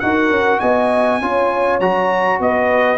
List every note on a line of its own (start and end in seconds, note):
0.00 0.30 D#4
0.00 1.22 F#4
0.00 0.60 A#4
0.00 0.60 F#5
0.30 0.60 C#4
0.60 1.22 B3
0.60 1.20 D#5
0.60 1.80 G#5
1.22 1.80 C#4
1.22 1.81 F4
1.22 2.42 C#5
1.80 2.40 F#3
1.80 2.98 F#4
1.80 2.40 A#5
2.40 2.98 B3
2.40 2.98 B4
2.40 2.98 D#5